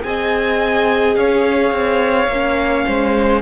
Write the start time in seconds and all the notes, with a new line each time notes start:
0.00 C4 G#4 D#5 G#5
1.15 C#4 C#5 F5
1.71 C4
2.27 A#3 C#4
2.85 G#3 C5